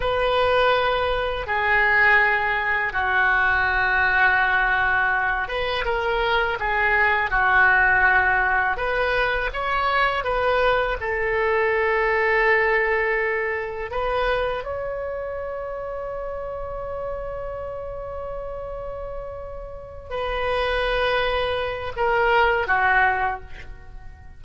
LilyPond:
\new Staff \with { instrumentName = "oboe" } { \time 4/4 \tempo 4 = 82 b'2 gis'2 | fis'2.~ fis'8 b'8 | ais'4 gis'4 fis'2 | b'4 cis''4 b'4 a'4~ |
a'2. b'4 | cis''1~ | cis''2.~ cis''8 b'8~ | b'2 ais'4 fis'4 | }